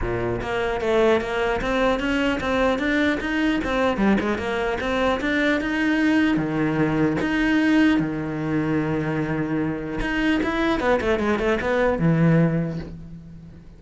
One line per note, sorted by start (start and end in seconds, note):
0.01 0.41 A#2
0.41 0.81 A#3
0.81 1.20 A3
1.20 1.60 A#3
1.61 1.99 C4
1.99 2.39 C#4
2.40 2.79 C4
2.79 3.19 D4
3.20 3.60 D#4
3.64 3.97 C4
3.97 4.17 G3
4.19 4.38 G#3
4.38 4.78 A#3
4.80 5.20 C4
5.20 5.60 D4
5.61 6.36 D#4
6.36 7.16 D#3
7.21 7.99 D#4
7.99 9.99 D#3
10.00 10.40 D#4
10.43 10.80 E4
10.80 11.00 B3
11.00 11.19 A3
11.19 11.38 G#3
11.38 11.58 A3
11.61 11.98 B3
11.98 12.78 E3